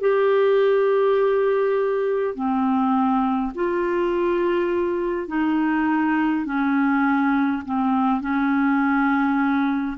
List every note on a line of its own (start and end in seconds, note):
0.00 2.35 G4
2.35 3.52 C4
3.55 5.27 F4
5.27 6.45 D#4
6.45 7.63 C#4
7.65 8.21 C4
8.21 9.97 C#4